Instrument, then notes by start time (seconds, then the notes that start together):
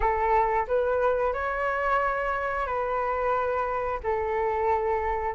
flute
0.00 A4
0.67 B4
1.33 C#5
2.66 B4
4.03 A4